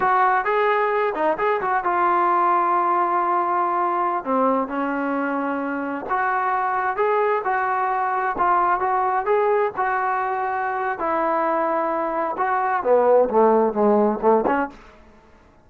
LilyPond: \new Staff \with { instrumentName = "trombone" } { \time 4/4 \tempo 4 = 131 fis'4 gis'4. dis'8 gis'8 fis'8 | f'1~ | f'4~ f'16 c'4 cis'4.~ cis'16~ | cis'4~ cis'16 fis'2 gis'8.~ |
gis'16 fis'2 f'4 fis'8.~ | fis'16 gis'4 fis'2~ fis'8. | e'2. fis'4 | b4 a4 gis4 a8 cis'8 | }